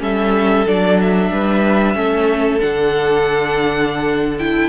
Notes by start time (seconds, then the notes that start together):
0.00 G3 C#4 A4 E5
0.67 F#3 D4 D5
1.01 E5
1.32 G3 B4
1.95 A3 C#4 A4
2.60 D3 D4 F#5
4.39 E4 G5